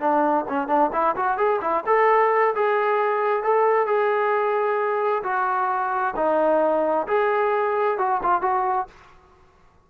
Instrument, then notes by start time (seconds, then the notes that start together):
trombone
0.00 D4
0.48 C#4
0.68 D4
0.93 E4
1.16 F#4
1.38 G#4
1.61 E4
1.86 A4
2.55 G#4
3.43 A4
3.86 G#4
5.23 F#4
6.16 D#4
7.07 G#4
7.98 F#4
8.23 F4
8.42 F#4